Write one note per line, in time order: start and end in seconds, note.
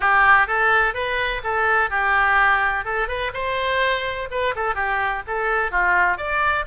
0.00 0.47 G4
0.47 0.94 A4
0.94 1.41 B4
1.43 1.89 A4
1.89 2.84 G4
2.84 3.07 A4
3.07 3.31 B4
3.33 4.28 C5
4.30 4.54 B4
4.55 4.74 A4
4.74 5.22 G4
5.27 5.71 A4
5.71 6.17 F4
6.17 6.65 D5